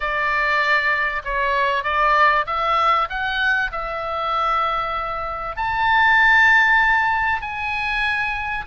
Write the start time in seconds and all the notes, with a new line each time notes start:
0.00 D5
1.24 C#5
1.83 D5
2.46 E5
3.09 F#5
3.71 E5
5.56 A5
7.41 G#5